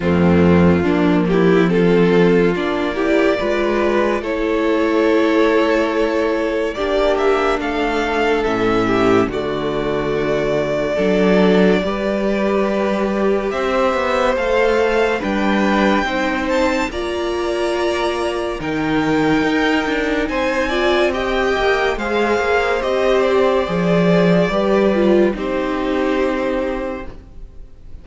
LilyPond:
<<
  \new Staff \with { instrumentName = "violin" } { \time 4/4 \tempo 4 = 71 f'4. g'8 a'4 d''4~ | d''4 cis''2. | d''8 e''8 f''4 e''4 d''4~ | d''1 |
e''4 f''4 g''4. a''8 | ais''2 g''2 | gis''4 g''4 f''4 dis''8 d''8~ | d''2 c''2 | }
  \new Staff \with { instrumentName = "violin" } { \time 4/4 c'4 d'8 e'8 f'4. g'8 | b'4 a'2. | g'4 a'4. g'8 fis'4~ | fis'4 a'4 b'2 |
c''2 b'4 c''4 | d''2 ais'2 | c''8 d''8 dis''4 c''2~ | c''4 b'4 g'2 | }
  \new Staff \with { instrumentName = "viola" } { \time 4/4 a4 ais4 c'4 d'8 e'8 | f'4 e'2. | d'2 cis'4 a4~ | a4 d'4 g'2~ |
g'4 a'4 d'4 dis'4 | f'2 dis'2~ | dis'8 f'8 g'4 gis'4 g'4 | gis'4 g'8 f'8 dis'2 | }
  \new Staff \with { instrumentName = "cello" } { \time 4/4 f,4 f2 ais4 | gis4 a2. | ais4 a4 a,4 d4~ | d4 fis4 g2 |
c'8 b8 a4 g4 c'4 | ais2 dis4 dis'8 d'8 | c'4. ais8 gis8 ais8 c'4 | f4 g4 c'2 | }
>>